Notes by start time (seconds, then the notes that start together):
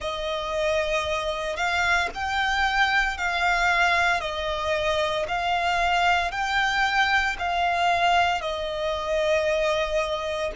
0.00 D#5
1.56 F5
2.14 G5
3.17 F5
4.20 D#5
5.28 F5
6.31 G5
7.39 F5
8.41 D#5